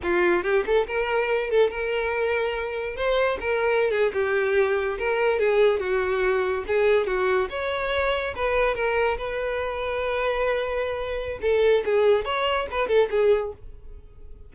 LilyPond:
\new Staff \with { instrumentName = "violin" } { \time 4/4 \tempo 4 = 142 f'4 g'8 a'8 ais'4. a'8 | ais'2. c''4 | ais'4~ ais'16 gis'8 g'2 ais'16~ | ais'8. gis'4 fis'2 gis'16~ |
gis'8. fis'4 cis''2 b'16~ | b'8. ais'4 b'2~ b'16~ | b'2. a'4 | gis'4 cis''4 b'8 a'8 gis'4 | }